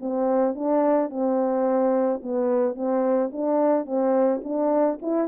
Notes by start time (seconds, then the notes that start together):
0.00 C4
0.55 D4
1.09 C4
2.22 B3
2.74 C4
3.32 D4
3.85 C4
4.43 D4
5.01 E4